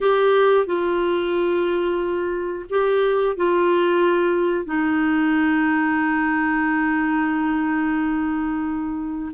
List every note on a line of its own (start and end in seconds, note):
0.00 0.65 G4
0.65 2.65 F4
2.69 3.36 G4
3.36 4.65 F4
4.65 9.32 D#4